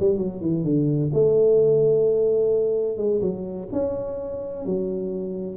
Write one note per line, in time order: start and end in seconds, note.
0.00 0.18 G3
0.18 0.41 F#3
0.41 0.64 E3
0.64 1.11 D3
1.14 2.97 A3
2.97 3.21 G#3
3.21 3.68 F#3
3.72 4.66 C#4
4.66 5.57 F#3